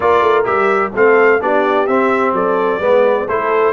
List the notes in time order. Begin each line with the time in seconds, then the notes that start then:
0.00 A#3 F4 A#4 D5
0.21 A3
0.44 G3 G4 E5
0.92 A3 C4 A4 F5
1.40 B3 D4 G4 D5
1.86 C4 E5
2.32 F#3 A4 D5
2.79 G#3 B3 B4
3.27 A3 E4 A4 C5